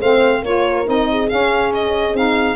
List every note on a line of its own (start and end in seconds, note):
0.00 0.43 A3
0.00 0.46 C4
0.00 0.43 C5
0.00 0.44 F5
0.43 0.86 A#3
0.43 0.85 F4
0.43 1.10 A#4
0.43 0.88 C#5
0.85 1.31 C4
0.85 1.28 D#4
0.85 1.29 D#5
1.10 2.57 G#4
1.29 2.16 C#4
1.29 2.13 C#4
1.29 1.72 F5
1.75 2.17 D#5
2.13 2.56 C4
2.13 2.57 D#4
2.13 2.57 F5